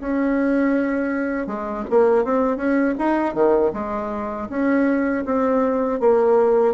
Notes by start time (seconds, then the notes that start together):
0.00 C#4
1.47 G#3
1.90 A#3
2.24 C4
2.57 C#4
2.98 D#4
3.34 D#3
3.73 G#3
4.49 C#4
5.25 C4
6.00 A#3